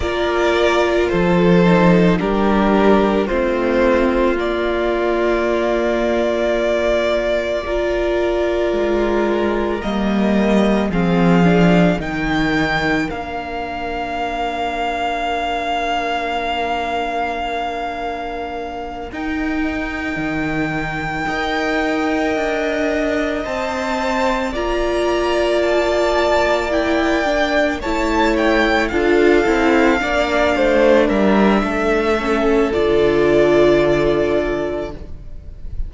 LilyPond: <<
  \new Staff \with { instrumentName = "violin" } { \time 4/4 \tempo 4 = 55 d''4 c''4 ais'4 c''4 | d''1~ | d''4 dis''4 f''4 g''4 | f''1~ |
f''4. g''2~ g''8~ | g''4. a''4 ais''4 a''8~ | a''8 g''4 a''8 g''8 f''4.~ | f''8 e''4. d''2 | }
  \new Staff \with { instrumentName = "violin" } { \time 4/4 ais'4 a'4 g'4 f'4~ | f'2. ais'4~ | ais'2 gis'4 ais'4~ | ais'1~ |
ais'2.~ ais'8 dis''8~ | dis''2~ dis''8 d''4.~ | d''4. cis''4 a'4 d''8 | c''8 ais'8 a'2. | }
  \new Staff \with { instrumentName = "viola" } { \time 4/4 f'4. dis'8 d'4 c'4 | ais2. f'4~ | f'4 ais4 c'8 d'8 dis'4 | d'1~ |
d'4. dis'2 ais'8~ | ais'4. c''4 f'4.~ | f'8 e'8 d'8 e'4 f'8 e'8 d'8~ | d'4. cis'8 f'2 | }
  \new Staff \with { instrumentName = "cello" } { \time 4/4 ais4 f4 g4 a4 | ais1 | gis4 g4 f4 dis4 | ais1~ |
ais4. dis'4 dis4 dis'8~ | dis'8 d'4 c'4 ais4.~ | ais4. a4 d'8 c'8 ais8 | a8 g8 a4 d2 | }
>>